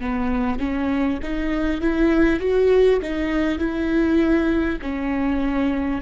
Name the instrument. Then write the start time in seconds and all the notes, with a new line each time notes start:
viola
0.00 B3
0.59 C#4
1.22 D#4
1.81 E4
2.39 F#4
3.02 D#4
3.58 E4
4.81 C#4